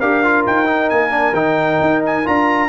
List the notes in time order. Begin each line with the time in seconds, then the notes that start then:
0.00 D4 G4 A#4 F5
0.24 F4
0.47 D#4 G5
0.66 D#4
0.90 A#3 G#5
1.11 D4
1.33 D#3 D#4 G5
1.81 D#4
2.06 G#5
2.26 D4 F4 A#5